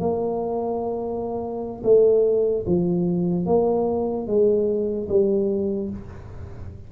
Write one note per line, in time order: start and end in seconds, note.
0.00 1.82 A#3
1.84 2.65 A3
2.66 3.46 F3
3.46 4.27 A#3
4.27 5.08 G#3
5.09 5.90 G3